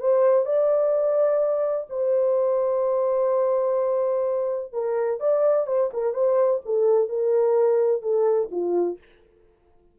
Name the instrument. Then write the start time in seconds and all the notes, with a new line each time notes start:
horn
0.00 C5
0.46 D5
1.90 C5
4.73 A#4
5.20 D5
5.67 C5
5.93 A#4
6.14 C5
6.65 A4
7.09 A#4
8.02 A4
8.51 F4